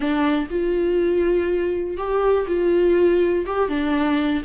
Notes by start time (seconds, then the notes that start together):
0.00 D4
0.50 F4
1.97 G4
2.47 F4
3.46 G4
3.68 D4